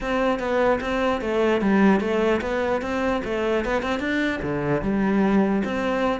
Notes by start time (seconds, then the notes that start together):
0.01 C4
0.39 B3
0.81 C4
1.21 A3
1.61 G3
2.00 A3
2.41 B3
2.81 C4
3.24 A3
3.64 B3
3.82 C4
3.99 D4
4.42 D3
4.82 G3
5.64 C4